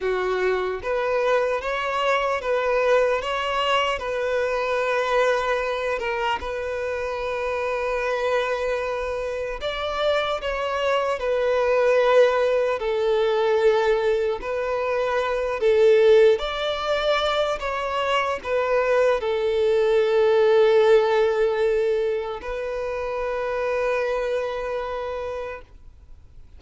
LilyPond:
\new Staff \with { instrumentName = "violin" } { \time 4/4 \tempo 4 = 75 fis'4 b'4 cis''4 b'4 | cis''4 b'2~ b'8 ais'8 | b'1 | d''4 cis''4 b'2 |
a'2 b'4. a'8~ | a'8 d''4. cis''4 b'4 | a'1 | b'1 | }